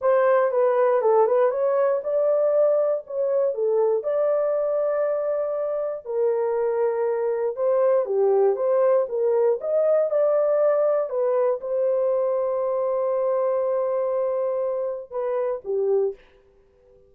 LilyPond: \new Staff \with { instrumentName = "horn" } { \time 4/4 \tempo 4 = 119 c''4 b'4 a'8 b'8 cis''4 | d''2 cis''4 a'4 | d''1 | ais'2. c''4 |
g'4 c''4 ais'4 dis''4 | d''2 b'4 c''4~ | c''1~ | c''2 b'4 g'4 | }